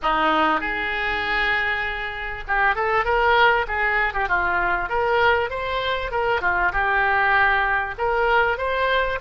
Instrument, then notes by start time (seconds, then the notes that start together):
oboe
0.02 D#4
0.60 G#4
2.47 G4
2.75 A4
3.04 A#4
3.67 G#4
4.13 G4
4.28 F4
4.89 A#4
5.50 C5
6.11 A#4
6.41 F4
6.72 G4
7.98 A#4
8.57 C5